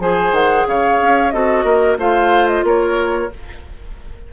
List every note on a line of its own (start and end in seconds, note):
0.00 0.32 F3
0.00 1.33 G#4
0.00 0.68 C5
0.00 0.34 G#5
0.32 0.65 D#3
0.32 0.67 F#5
0.67 1.00 C#3
0.67 1.34 C#5
0.67 1.31 F5
1.02 1.34 C#4
1.31 1.64 C4
1.31 1.99 F#4
1.31 1.65 A4
1.31 1.97 D#5
1.64 1.97 A#3
1.64 1.98 A#4
1.98 2.63 A3
1.98 3.30 F4
1.98 2.66 C5
1.98 2.48 F5
2.48 2.64 D#5
2.63 3.29 A#3
2.63 3.32 A#4
2.63 3.33 C#5